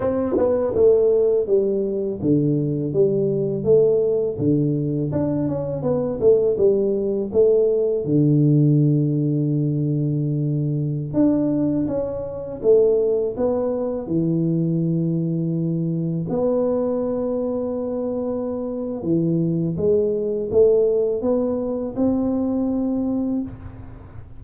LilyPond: \new Staff \with { instrumentName = "tuba" } { \time 4/4 \tempo 4 = 82 c'8 b8 a4 g4 d4 | g4 a4 d4 d'8 cis'8 | b8 a8 g4 a4 d4~ | d2.~ d16 d'8.~ |
d'16 cis'4 a4 b4 e8.~ | e2~ e16 b4.~ b16~ | b2 e4 gis4 | a4 b4 c'2 | }